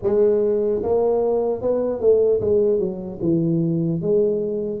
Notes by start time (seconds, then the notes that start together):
0.02 G#3
0.82 A#3
1.61 B3
2.00 A3
2.40 G#3
2.79 F#3
3.21 E3
4.01 G#3